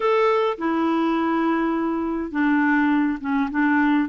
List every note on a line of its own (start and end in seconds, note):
0.00 0.57 A4
0.57 2.31 E4
2.31 3.18 D4
3.20 3.49 C#4
3.51 4.09 D4